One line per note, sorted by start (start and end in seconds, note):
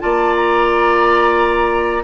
0.00 2.04 A#3
0.00 2.02 F4
0.00 2.04 D5
0.00 0.34 A5
0.36 2.04 A#5